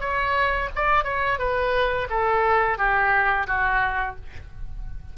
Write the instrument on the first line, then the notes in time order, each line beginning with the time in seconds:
oboe
0.00 C#5
0.76 D5
1.04 C#5
1.39 B4
2.10 A4
2.78 G4
3.47 F#4